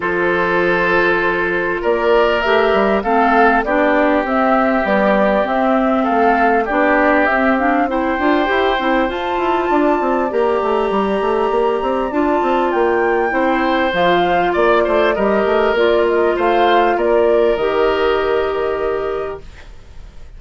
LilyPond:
<<
  \new Staff \with { instrumentName = "flute" } { \time 4/4 \tempo 4 = 99 c''2. d''4 | e''4 f''4 d''4 e''4 | d''4 e''4 f''4 d''4 | e''8 f''8 g''2 a''4~ |
a''4 ais''2. | a''4 g''2 f''4 | d''4 dis''4 d''8 dis''8 f''4 | d''4 dis''2. | }
  \new Staff \with { instrumentName = "oboe" } { \time 4/4 a'2. ais'4~ | ais'4 a'4 g'2~ | g'2 a'4 g'4~ | g'4 c''2. |
d''1~ | d''2 c''2 | d''8 c''8 ais'2 c''4 | ais'1 | }
  \new Staff \with { instrumentName = "clarinet" } { \time 4/4 f'1 | g'4 c'4 d'4 c'4 | g4 c'2 d'4 | c'8 d'8 e'8 f'8 g'8 e'8 f'4~ |
f'4 g'2. | f'2 e'4 f'4~ | f'4 g'4 f'2~ | f'4 g'2. | }
  \new Staff \with { instrumentName = "bassoon" } { \time 4/4 f2. ais4 | a8 g8 a4 b4 c'4 | b4 c'4 a4 b4 | c'4. d'8 e'8 c'8 f'8 e'8 |
d'8 c'8 ais8 a8 g8 a8 ais8 c'8 | d'8 c'8 ais4 c'4 f4 | ais8 a8 g8 a8 ais4 a4 | ais4 dis2. | }
>>